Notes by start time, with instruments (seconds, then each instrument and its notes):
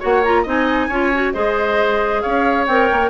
0.00 bassoon A#3, clarinet F#4, oboe C#5, flute F#5
0.24 clarinet F4, flute A#5
0.43 bassoon C4, clarinet D#4, oboe D#5
0.49 flute G#5
0.89 bassoon C#4, clarinet F4, oboe C#5
1.14 clarinet F#4
1.33 bassoon G#3, clarinet G#4, oboe C5, flute D#5
2.21 bassoon C#4, oboe C#5, flute F5
2.67 bassoon C4, clarinet A#4, flute G5
2.92 bassoon A#3